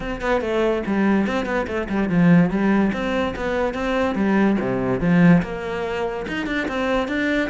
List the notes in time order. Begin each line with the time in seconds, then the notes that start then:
0.00 C4
0.21 B3
0.41 A3
0.86 G3
1.27 C4
1.45 B3
1.67 A3
1.89 G3
2.09 F3
2.50 G3
2.92 C4
3.36 B3
3.74 C4
4.15 G3
4.60 C3
5.00 F3
5.42 A#3
6.28 D#4
6.46 D4
6.68 C4
7.08 D4